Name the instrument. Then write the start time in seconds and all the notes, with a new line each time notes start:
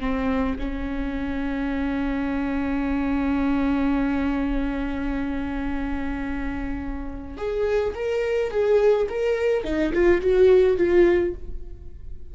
viola
0.00 C4
0.59 C#4
7.37 G#4
7.95 A#4
8.51 G#4
9.09 A#4
9.64 D#4
9.93 F4
10.21 F#4
10.77 F4